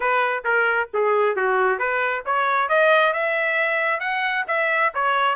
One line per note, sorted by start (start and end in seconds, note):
0.00 0.44 B4
0.44 0.89 A#4
0.93 1.36 G#4
1.36 1.78 F#4
1.78 2.23 B4
2.25 2.69 C#5
2.69 3.13 D#5
3.13 4.00 E5
4.00 4.45 F#5
4.47 4.92 E5
4.94 5.35 C#5